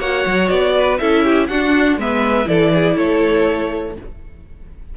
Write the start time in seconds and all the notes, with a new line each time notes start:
0.00 A#3 F#4 C#5 F#5
0.27 F#3
0.49 B3 D5
0.78 B4
0.98 C#4 E4 A4 E5
1.25 G4
1.48 D4 F#4 F#5
1.97 G#3 B3 B4 E5
2.46 E3 E4 A4 D5
2.75 G#4
2.96 A3 A4 C#5